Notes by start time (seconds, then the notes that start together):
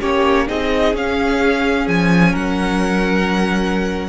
0.00 A#3 C#4 G4 C#5
0.47 C4 D#4 G#4 D#5
0.93 C#4 F5
1.87 F3 G#5
2.32 F#3 A#4 F#5